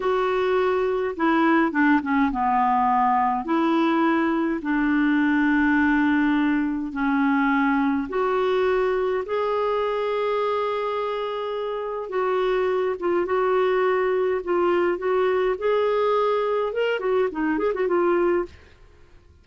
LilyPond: \new Staff \with { instrumentName = "clarinet" } { \time 4/4 \tempo 4 = 104 fis'2 e'4 d'8 cis'8 | b2 e'2 | d'1 | cis'2 fis'2 |
gis'1~ | gis'4 fis'4. f'8 fis'4~ | fis'4 f'4 fis'4 gis'4~ | gis'4 ais'8 fis'8 dis'8 gis'16 fis'16 f'4 | }